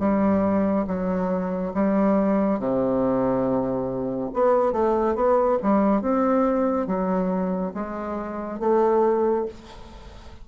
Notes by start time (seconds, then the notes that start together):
0.00 G3
0.88 F#3
1.75 G3
2.59 C3
4.34 B3
4.73 A3
5.15 B3
5.63 G3
6.02 C4
6.87 F#3
7.75 G#3
8.60 A3